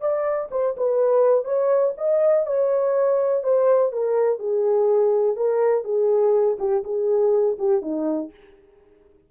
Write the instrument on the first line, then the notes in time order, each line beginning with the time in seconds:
horn
0.00 D5
0.51 C5
0.77 B4
1.45 C#5
1.97 D#5
2.46 C#5
3.43 C5
3.92 A#4
4.39 G#4
5.36 A#4
5.84 G#4
6.59 G4
6.84 G#4
7.58 G4
7.81 D#4